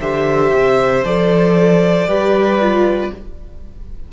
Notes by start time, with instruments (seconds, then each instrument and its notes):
0.00 cello D3, viola G4, violin C5 E5
0.53 cello C3
1.04 cello F3, viola A4, violin D5
2.06 cello G3, viola G4, violin B4
2.60 viola F4